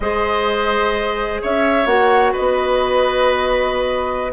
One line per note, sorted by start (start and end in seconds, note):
0.00 1.40 G#3
0.00 1.86 G#4
0.00 1.42 C5
0.00 1.41 D#5
1.42 1.85 C#4
1.42 2.32 C#5
1.42 1.86 E5
1.85 2.32 A#3
1.85 4.32 F#4
1.85 2.33 F#5
2.32 4.31 B4
2.32 4.32 D#5
2.39 4.32 B3